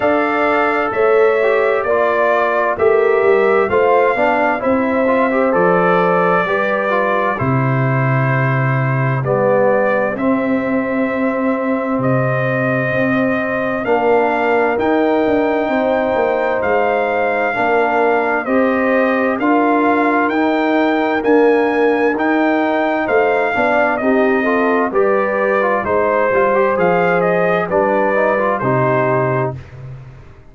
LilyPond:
<<
  \new Staff \with { instrumentName = "trumpet" } { \time 4/4 \tempo 4 = 65 f''4 e''4 d''4 e''4 | f''4 e''4 d''2 | c''2 d''4 e''4~ | e''4 dis''2 f''4 |
g''2 f''2 | dis''4 f''4 g''4 gis''4 | g''4 f''4 dis''4 d''4 | c''4 f''8 dis''8 d''4 c''4 | }
  \new Staff \with { instrumentName = "horn" } { \time 4/4 d''4 cis''4 d''4 ais'4 | c''8 d''8 c''2 b'4 | g'1~ | g'2. ais'4~ |
ais'4 c''2 ais'4 | c''4 ais'2.~ | ais'4 c''8 d''8 g'8 a'8 b'4 | c''2 b'4 g'4 | }
  \new Staff \with { instrumentName = "trombone" } { \time 4/4 a'4. g'8 f'4 g'4 | f'8 d'8 e'8 f'16 g'16 a'4 g'8 f'8 | e'2 b4 c'4~ | c'2. d'4 |
dis'2. d'4 | g'4 f'4 dis'4 ais4 | dis'4. d'8 dis'8 f'8 g'8. f'16 | dis'8 f'16 g'16 gis'4 d'8 dis'16 f'16 dis'4 | }
  \new Staff \with { instrumentName = "tuba" } { \time 4/4 d'4 a4 ais4 a8 g8 | a8 b8 c'4 f4 g4 | c2 g4 c'4~ | c'4 c4 c'4 ais4 |
dis'8 d'8 c'8 ais8 gis4 ais4 | c'4 d'4 dis'4 d'4 | dis'4 a8 b8 c'4 g4 | gis8 g8 f4 g4 c4 | }
>>